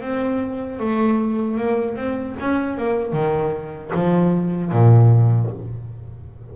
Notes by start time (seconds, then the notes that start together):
0.00 C4
0.79 A3
1.57 A#3
1.96 C4
2.39 C#4
2.77 A#3
3.12 D#3
3.94 F3
4.71 A#2